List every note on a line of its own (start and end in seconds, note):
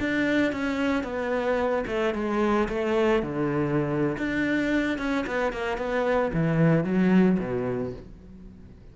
0.00 0.53 D4
0.53 1.04 C#4
1.04 1.85 B3
1.87 2.14 A3
2.15 2.69 G#3
2.69 3.23 A3
3.23 4.17 D3
4.18 4.99 D4
4.99 5.26 C#4
5.27 5.53 B3
5.53 5.78 A#3
5.78 6.32 B3
6.34 6.85 E3
6.85 7.39 F#3
7.40 7.94 B2